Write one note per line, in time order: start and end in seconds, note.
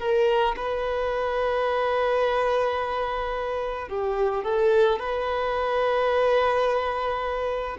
0.00 0.56 A#4
0.57 3.89 B4
3.89 4.44 G4
4.44 4.99 A4
4.99 7.77 B4